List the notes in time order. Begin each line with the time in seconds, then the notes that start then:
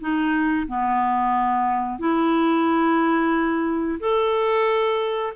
0.00 D#4
0.68 B3
1.99 E4
4.00 A4